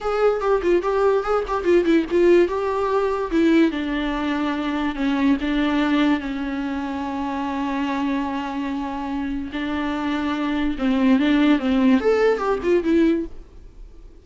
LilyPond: \new Staff \with { instrumentName = "viola" } { \time 4/4 \tempo 4 = 145 gis'4 g'8 f'8 g'4 gis'8 g'8 | f'8 e'8 f'4 g'2 | e'4 d'2. | cis'4 d'2 cis'4~ |
cis'1~ | cis'2. d'4~ | d'2 c'4 d'4 | c'4 a'4 g'8 f'8 e'4 | }